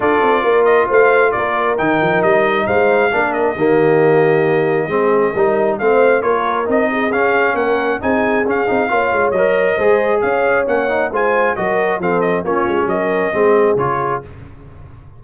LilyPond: <<
  \new Staff \with { instrumentName = "trumpet" } { \time 4/4 \tempo 4 = 135 d''4. dis''8 f''4 d''4 | g''4 dis''4 f''4. dis''8~ | dis''1~ | dis''4 f''4 cis''4 dis''4 |
f''4 fis''4 gis''4 f''4~ | f''4 dis''2 f''4 | fis''4 gis''4 dis''4 f''8 dis''8 | cis''4 dis''2 cis''4 | }
  \new Staff \with { instrumentName = "horn" } { \time 4/4 a'4 ais'4 c''4 ais'4~ | ais'2 c''4 ais'4 | g'2. gis'4 | ais'4 c''4 ais'4. gis'8~ |
gis'4 ais'4 gis'2 | cis''2 c''4 cis''4~ | cis''4 c''4 ais'4 a'4 | f'4 ais'4 gis'2 | }
  \new Staff \with { instrumentName = "trombone" } { \time 4/4 f'1 | dis'2. d'4 | ais2. c'4 | dis'4 c'4 f'4 dis'4 |
cis'2 dis'4 cis'8 dis'8 | f'4 ais'4 gis'2 | cis'8 dis'8 f'4 fis'4 c'4 | cis'2 c'4 f'4 | }
  \new Staff \with { instrumentName = "tuba" } { \time 4/4 d'8 c'8 ais4 a4 ais4 | dis8 f8 g4 gis4 ais4 | dis2. gis4 | g4 a4 ais4 c'4 |
cis'4 ais4 c'4 cis'8 c'8 | ais8 gis8 fis4 gis4 cis'4 | ais4 gis4 fis4 f4 | ais8 gis8 fis4 gis4 cis4 | }
>>